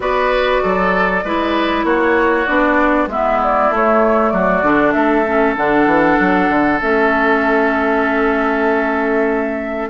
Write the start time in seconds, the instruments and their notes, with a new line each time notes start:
0.00 bassoon B3, clarinet F#4, oboe B4, flute D5
0.62 bassoon F#3, oboe A4
1.24 bassoon G#3, clarinet E4, oboe B4
1.84 bassoon A#3, oboe F#4, flute C#5
2.46 bassoon B3, clarinet D4, flute D5
3.07 bassoon G#3, clarinet B3, oboe E4, flute E5
3.43 flute D5
3.70 bassoon A3, clarinet A3, flute C#5
4.29 bassoon F#3, oboe F#4, flute D5
4.62 bassoon D3, clarinet D4
4.92 bassoon A3, oboe A4, flute E5
5.25 clarinet C#4
5.55 bassoon D3, clarinet D4, flute F#5
5.86 bassoon E3
6.19 bassoon F#3
6.49 bassoon D3
6.81 bassoon A3, clarinet C#4, flute E5